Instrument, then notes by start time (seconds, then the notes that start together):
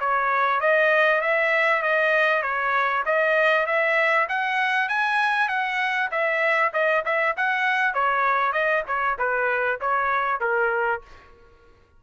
trumpet
0.00 C#5
0.60 D#5
1.21 E5
1.82 D#5
2.42 C#5
3.06 D#5
3.67 E5
4.29 F#5
4.89 G#5
5.48 F#5
6.11 E5
6.73 D#5
7.05 E5
7.37 F#5
7.94 C#5
8.52 D#5
8.87 C#5
9.18 B4
9.81 C#5
10.40 A#4